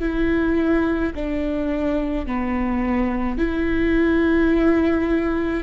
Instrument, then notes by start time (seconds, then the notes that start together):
viola
0.00 E4
1.15 D4
2.26 B3
3.38 E4